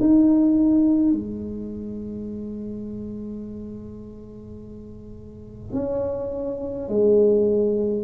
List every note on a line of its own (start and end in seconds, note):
0.00 1.12 D#4
1.12 5.73 G#3
5.73 6.88 C#4
6.89 8.03 G#3